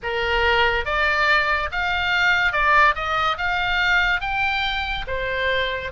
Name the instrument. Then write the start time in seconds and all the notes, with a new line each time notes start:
oboe
0.02 A#4
0.85 D5
1.71 F5
2.52 D5
2.95 D#5
3.37 F5
4.20 G5
5.07 C5